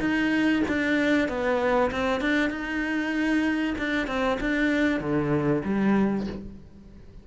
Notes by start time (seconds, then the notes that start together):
0.00 D#4
0.68 D4
1.29 B3
1.92 C4
2.21 D4
2.50 D#4
3.78 D4
4.07 C4
4.41 D4
5.00 D3
5.65 G3